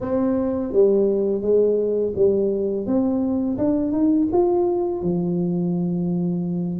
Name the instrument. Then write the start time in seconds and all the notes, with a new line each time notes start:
tuba
0.01 C4
0.72 G3
1.41 G#3
2.15 G3
2.86 C4
3.57 D4
3.92 D#4
4.32 F4
5.02 F3